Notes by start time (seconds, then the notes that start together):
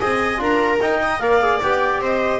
0.00 C4 G#4 D#5 G#5
0.38 D4 F4 A#4 A#5
0.81 D#4 G5
1.03 D#5
1.20 A#3 A#4 D5 F5
1.42 G#4
1.62 B3 G4 G5
1.99 C4 C5
2.05 D#5